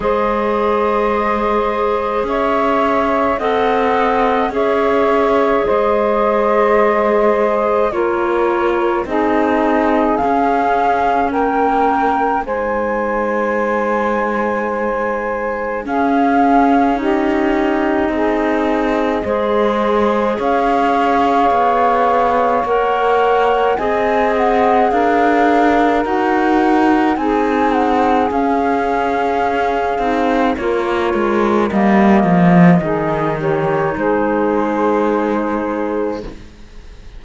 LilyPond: <<
  \new Staff \with { instrumentName = "flute" } { \time 4/4 \tempo 4 = 53 dis''2 e''4 fis''4 | e''4 dis''2 cis''4 | dis''4 f''4 g''4 gis''4~ | gis''2 f''4 dis''4~ |
dis''2 f''2 | fis''4 gis''8 fis''8 f''4 fis''4 | gis''8 fis''8 f''2 cis''4 | dis''4. cis''8 c''2 | }
  \new Staff \with { instrumentName = "saxophone" } { \time 4/4 c''2 cis''4 dis''4 | cis''4 c''2 ais'4 | gis'2 ais'4 c''4~ | c''2 gis'4 g'4 |
gis'4 c''4 cis''2~ | cis''4 dis''4 ais'2 | gis'2. ais'4~ | ais'4 gis'8 g'8 gis'2 | }
  \new Staff \with { instrumentName = "clarinet" } { \time 4/4 gis'2. a'4 | gis'2. f'4 | dis'4 cis'2 dis'4~ | dis'2 cis'4 dis'4~ |
dis'4 gis'2. | ais'4 gis'2 fis'4 | dis'4 cis'4. dis'8 f'4 | ais4 dis'2. | }
  \new Staff \with { instrumentName = "cello" } { \time 4/4 gis2 cis'4 c'4 | cis'4 gis2 ais4 | c'4 cis'4 ais4 gis4~ | gis2 cis'2 |
c'4 gis4 cis'4 b4 | ais4 c'4 d'4 dis'4 | c'4 cis'4. c'8 ais8 gis8 | g8 f8 dis4 gis2 | }
>>